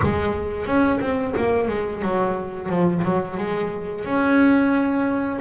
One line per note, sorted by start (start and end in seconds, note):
0.02 0.66 G#3
0.66 0.99 C#4
1.00 1.34 C4
1.37 1.68 A#3
1.68 2.01 G#3
2.01 2.69 F#3
2.69 3.02 F3
3.04 3.37 F#3
3.37 4.04 G#3
4.04 5.39 C#4